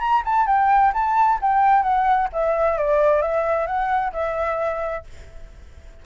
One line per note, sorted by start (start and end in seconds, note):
0.00 0.23 A#5
0.25 0.47 A5
0.47 0.93 G5
0.93 1.39 A5
1.42 1.83 G5
1.83 2.28 F#5
2.33 2.78 E5
2.78 3.22 D5
3.22 3.67 E5
3.67 4.12 F#5
4.13 5.05 E5